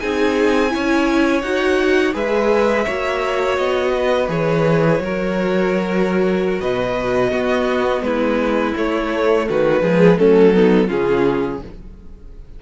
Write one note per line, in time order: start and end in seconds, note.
0.00 0.74 C4
0.00 0.69 D#4
0.00 0.72 G#4
0.00 1.42 G#5
0.69 1.43 C#4
0.69 1.41 E4
0.69 2.14 C#5
1.42 2.14 D#4
1.42 2.13 F#4
1.42 2.13 F#5
2.13 2.86 G#3
2.13 2.85 G#4
2.13 2.85 B4
2.13 3.57 E5
2.85 3.58 A#3
2.85 4.28 F#4
2.85 3.92 C#5
3.57 4.28 B3
3.57 4.29 D#5
3.96 5.03 B4
4.28 5.00 E3
4.28 4.99 G#4
4.28 6.61 C#5
5.00 6.61 F#3
5.00 7.32 F#4
5.00 6.62 A#4
6.61 7.32 B2
6.61 7.31 B4
6.61 8.03 D#5
7.31 8.74 B3
7.31 8.02 B3
7.31 8.02 F#4
8.02 8.73 G#3
8.02 9.49 E4
8.02 8.74 B4
8.76 9.83 A3
8.76 9.49 A3
8.76 9.49 C#5
9.49 9.82 D#3
9.49 9.82 F#4
9.49 10.18 B4
9.82 10.18 F3
9.82 10.18 G#3
9.82 10.18 G#4
10.18 10.90 F#3
10.18 10.54 A3
10.18 10.54 C#4
10.18 10.90 A4
10.54 10.88 B3
10.54 10.87 D#4
10.87 11.62 C#3
10.87 11.59 C#4
10.87 11.59 F4
10.87 11.62 G#4